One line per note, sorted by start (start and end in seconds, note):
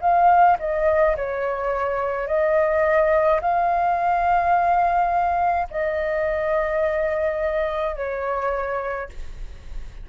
0.00 0.57 F5
0.59 1.16 D#5
1.16 2.27 C#5
2.27 3.40 D#5
3.41 5.67 F5
5.70 7.96 D#5
7.96 9.09 C#5